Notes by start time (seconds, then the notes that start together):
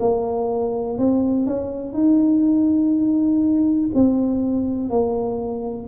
0.00 A#3
0.99 C4
1.47 C#4
1.94 D#4
3.94 C4
4.90 A#3